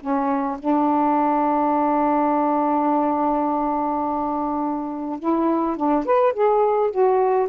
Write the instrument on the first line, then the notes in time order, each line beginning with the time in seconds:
saxophone
0.00 C#4
0.59 D4
5.19 E4
5.77 D4
6.06 B4
6.33 G#4
6.90 F#4